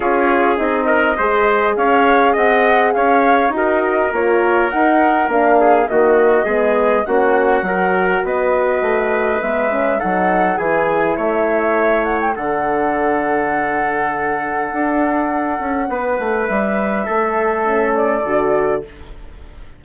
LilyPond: <<
  \new Staff \with { instrumentName = "flute" } { \time 4/4 \tempo 4 = 102 cis''4 dis''2 f''4 | fis''4 f''4 dis''4 cis''4 | fis''4 f''4 dis''2 | fis''2 dis''2 |
e''4 fis''4 gis''4 e''4~ | e''8 fis''16 g''16 fis''2.~ | fis''1 | e''2~ e''8 d''4. | }
  \new Staff \with { instrumentName = "trumpet" } { \time 4/4 gis'4. ais'8 c''4 cis''4 | dis''4 cis''4 ais'2~ | ais'4. gis'8 fis'4 gis'4 | fis'4 ais'4 b'2~ |
b'4 a'4 gis'4 cis''4~ | cis''4 a'2.~ | a'2. b'4~ | b'4 a'2. | }
  \new Staff \with { instrumentName = "horn" } { \time 4/4 f'4 dis'4 gis'2~ | gis'2 fis'4 f'4 | dis'4 d'4 ais4 b4 | cis'4 fis'2. |
b8 cis'8 dis'4 e'2~ | e'4 d'2.~ | d'1~ | d'2 cis'4 fis'4 | }
  \new Staff \with { instrumentName = "bassoon" } { \time 4/4 cis'4 c'4 gis4 cis'4 | c'4 cis'4 dis'4 ais4 | dis'4 ais4 dis4 gis4 | ais4 fis4 b4 a4 |
gis4 fis4 e4 a4~ | a4 d2.~ | d4 d'4. cis'8 b8 a8 | g4 a2 d4 | }
>>